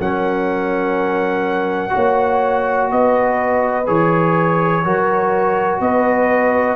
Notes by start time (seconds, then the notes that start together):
0.00 F#3 C#4 A#4 F#5
1.90 F#4 C#5
1.96 A#3
2.92 B3 B4 D#5
3.87 E3 G#4 C#5
4.85 F#3 F#4 A#4
5.80 B3 B4 D#5